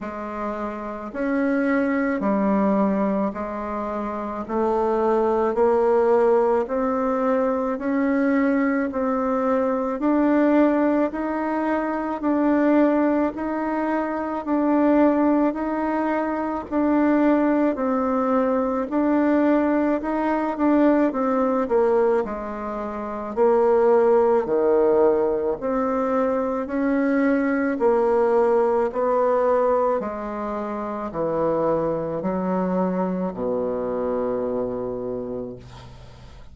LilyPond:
\new Staff \with { instrumentName = "bassoon" } { \time 4/4 \tempo 4 = 54 gis4 cis'4 g4 gis4 | a4 ais4 c'4 cis'4 | c'4 d'4 dis'4 d'4 | dis'4 d'4 dis'4 d'4 |
c'4 d'4 dis'8 d'8 c'8 ais8 | gis4 ais4 dis4 c'4 | cis'4 ais4 b4 gis4 | e4 fis4 b,2 | }